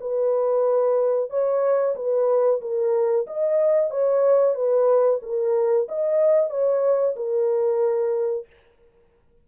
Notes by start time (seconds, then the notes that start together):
0.00 B4
1.30 C#5
1.95 B4
2.61 A#4
3.26 D#5
3.90 C#5
4.54 B4
5.22 A#4
5.88 D#5
6.50 C#5
7.15 A#4